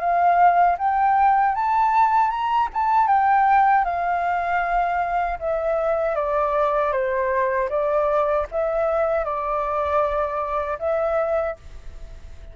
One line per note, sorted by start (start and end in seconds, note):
0.00 0.77 F5
0.79 1.55 G5
1.55 2.30 A5
2.30 2.69 A#5
2.73 3.08 A5
3.08 3.85 G5
3.85 5.39 F5
5.40 6.16 E5
6.16 6.93 D5
6.93 7.70 C5
7.70 8.47 D5
8.52 9.25 E5
9.25 10.79 D5
10.79 11.56 E5